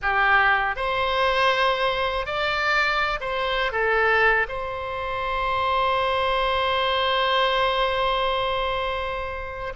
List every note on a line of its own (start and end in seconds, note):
0.02 0.75 G4
0.75 2.25 C5
2.26 3.19 D5
3.20 3.72 C5
3.72 4.47 A4
4.48 9.73 C5